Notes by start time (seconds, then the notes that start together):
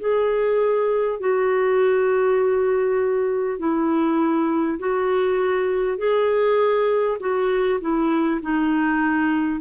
0.00 G#4
1.20 F#4
3.59 E4
4.79 F#4
5.98 G#4
7.20 F#4
7.81 E4
8.42 D#4